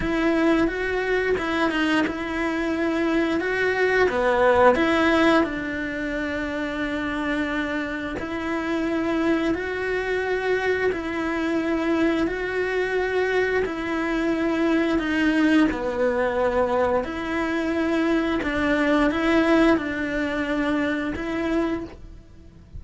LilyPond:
\new Staff \with { instrumentName = "cello" } { \time 4/4 \tempo 4 = 88 e'4 fis'4 e'8 dis'8 e'4~ | e'4 fis'4 b4 e'4 | d'1 | e'2 fis'2 |
e'2 fis'2 | e'2 dis'4 b4~ | b4 e'2 d'4 | e'4 d'2 e'4 | }